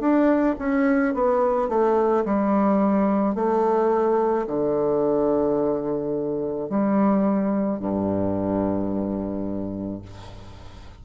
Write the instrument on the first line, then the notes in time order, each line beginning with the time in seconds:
bassoon
0.00 D4
0.59 C#4
1.14 B3
1.69 A3
2.25 G3
3.35 A3
4.47 D3
6.70 G3
7.80 G2